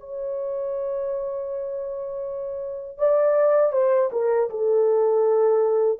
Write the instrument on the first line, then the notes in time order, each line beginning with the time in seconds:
horn
0.00 C#5
2.98 D5
3.73 C5
4.12 A#4
4.50 A4